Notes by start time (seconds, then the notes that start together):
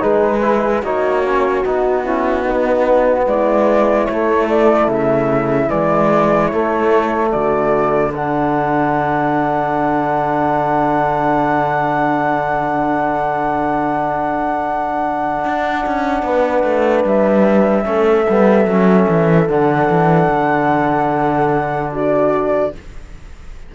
0.00 G#3 D#4 G#4 B4
0.43 E4
0.83 A#3 D#4 F#4 C#5
1.26 C#4
1.65 B3 D#4 F#4
2.04 C#4 E4
2.43 B3 D#4
3.27 G#3 E4 D5
4.06 A3 C#5
4.50 D5
4.88 C#3 E5
5.67 E3 G#3 D5
6.48 A3 C#5
7.32 D3 F#4 D5
8.12 D4 A4 F#5
15.45 D4
15.87 C#4
16.23 B3 B4
16.64 A3
17.05 G3 E5
17.85 A3 C#4 A4
18.30 G3 B3
18.66 F#3 C#4
19.09 E3
19.49 D3 D4 F#5
19.90 E3
20.29 D3
21.93 F#4 D5